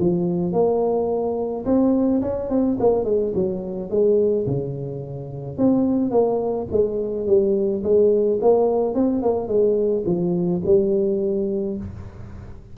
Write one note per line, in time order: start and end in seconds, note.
0.00 0.53 F3
0.53 1.65 A#3
1.66 2.22 C4
2.22 2.50 C#4
2.50 2.78 C4
2.80 3.05 A#3
3.05 3.33 G#3
3.35 3.91 F#3
3.91 4.47 G#3
4.47 5.58 C#3
5.58 6.11 C4
6.11 6.68 A#3
6.72 7.27 G#3
7.27 7.83 G3
7.84 8.40 G#3
8.42 8.95 A#3
8.95 9.22 C4
9.22 9.48 A#3
9.48 10.04 G#3
10.06 10.62 F3
10.66 11.78 G3